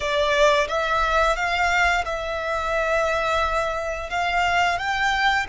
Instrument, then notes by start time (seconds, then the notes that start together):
violin
0.00 D5
0.68 E5
1.36 F5
2.05 E5
4.10 F5
4.78 G5